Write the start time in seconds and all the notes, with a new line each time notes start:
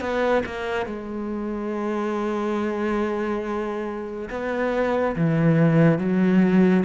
0.00 B3
0.45 A#3
0.86 G#3
4.30 B3
5.16 E3
5.98 F#3